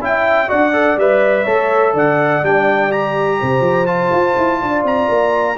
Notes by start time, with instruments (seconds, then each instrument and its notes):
0.00 tuba C#4, trombone E4, horn E5, trumpet G5
0.48 tuba D4, trombone F#4, horn D5, trumpet F#5
0.73 trombone A4
0.97 tuba G3, trombone B4, trumpet E5
1.44 tuba A3, trombone A4, horn C#5
1.94 tuba D3, horn D5, trumpet F#5
2.43 tuba G3, trombone D4, trumpet G5
2.91 trombone G4, trumpet A#5
3.40 tuba C3, horn C5
3.61 tuba F3
3.86 trombone F4, trumpet A5
4.11 tuba F4
4.37 tuba E4
4.61 tuba D4, horn D5
4.84 tuba C4, trumpet A#5
5.09 tuba A#3